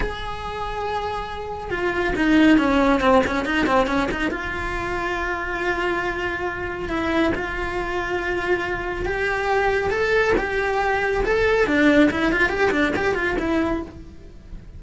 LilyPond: \new Staff \with { instrumentName = "cello" } { \time 4/4 \tempo 4 = 139 gis'1 | f'4 dis'4 cis'4 c'8 cis'8 | dis'8 c'8 cis'8 dis'8 f'2~ | f'1 |
e'4 f'2.~ | f'4 g'2 a'4 | g'2 a'4 d'4 | e'8 f'8 g'8 d'8 g'8 f'8 e'4 | }